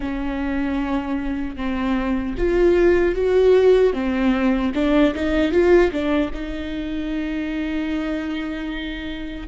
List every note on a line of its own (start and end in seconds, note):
0.00 1.56 C#4
1.56 2.35 C4
2.37 3.15 F4
3.15 3.93 F#4
3.93 4.72 C4
4.74 5.14 D4
5.14 5.51 D#4
5.51 5.91 F4
5.91 6.31 D4
6.33 9.47 D#4